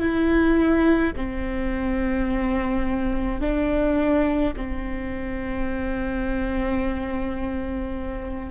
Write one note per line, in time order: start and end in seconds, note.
0.00 1.13 E4
1.16 3.41 C4
3.41 4.54 D4
4.56 8.51 C4